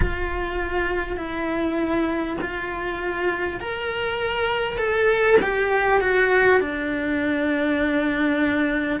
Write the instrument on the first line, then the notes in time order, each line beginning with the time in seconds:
cello
0.00 F4
1.17 E4
2.41 F4
3.60 A#4
4.77 A4
5.42 G4
6.00 F#4
6.60 D4